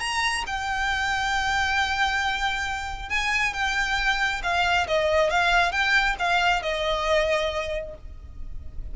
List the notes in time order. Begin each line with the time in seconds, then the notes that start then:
0.00 A#5
0.47 G5
3.10 G#5
3.54 G5
4.43 F5
4.88 D#5
5.30 F5
5.72 G5
6.19 F5
6.62 D#5